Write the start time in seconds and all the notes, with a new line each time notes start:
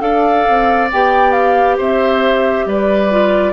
0.00 D4 A4 D5 F5
0.49 C4
0.93 B3 G4 G5
1.33 F5
1.78 C4 C5 E5
2.66 G3 B4 D5
3.11 F4